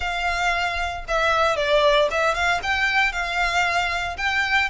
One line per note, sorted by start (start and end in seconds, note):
0.00 1.04 F5
1.07 1.56 E5
1.56 2.08 D5
2.10 2.34 E5
2.34 2.60 F5
2.62 3.12 G5
3.12 4.16 F5
4.17 4.69 G5